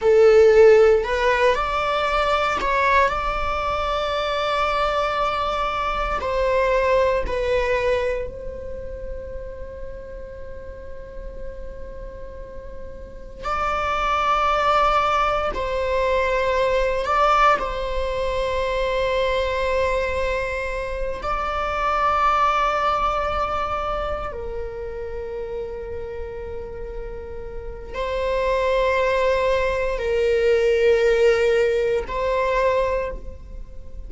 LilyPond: \new Staff \with { instrumentName = "viola" } { \time 4/4 \tempo 4 = 58 a'4 b'8 d''4 cis''8 d''4~ | d''2 c''4 b'4 | c''1~ | c''4 d''2 c''4~ |
c''8 d''8 c''2.~ | c''8 d''2. ais'8~ | ais'2. c''4~ | c''4 ais'2 c''4 | }